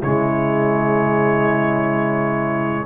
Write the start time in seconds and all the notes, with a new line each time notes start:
0.00 C#3 G#3 E4 C#5